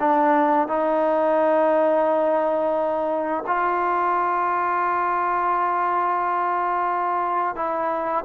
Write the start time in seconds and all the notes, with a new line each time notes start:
0.00 D4
0.68 D#4
3.47 F4
7.56 E4